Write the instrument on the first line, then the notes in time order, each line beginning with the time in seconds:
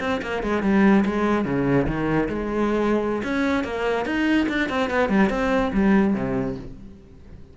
cello
0.00 C4
0.22 A#3
0.43 G#3
0.62 G3
1.05 G#3
1.44 C#3
1.87 D#3
2.28 G#3
3.23 C#4
3.64 A#3
4.05 D#4
4.48 D4
4.69 C4
4.90 B3
5.09 G3
5.30 C4
5.73 G3
6.14 C3